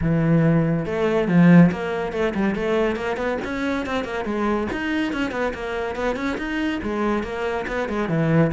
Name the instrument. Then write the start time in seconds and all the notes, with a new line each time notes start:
cello
0.01 E3
0.85 A3
1.28 F3
1.71 A#3
2.12 A3
2.34 G3
2.55 A3
2.96 A#3
3.16 B3
3.44 C#4
3.85 C4
4.04 A#3
4.24 G#3
4.72 D#4
5.12 C#4
5.31 B3
5.53 A#3
5.95 B3
6.16 C#4
6.37 D#4
6.82 G#3
7.23 A#3
7.67 B3
7.88 G#3
8.08 E3